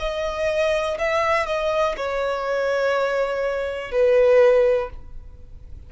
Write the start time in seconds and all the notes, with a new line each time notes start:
0.00 D#5
0.99 E5
1.47 D#5
1.97 C#5
3.92 B4